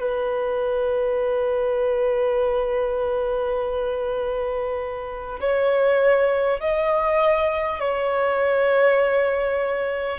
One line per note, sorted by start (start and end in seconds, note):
0.00 5.40 B4
5.41 6.61 C#5
6.61 7.80 D#5
7.80 10.19 C#5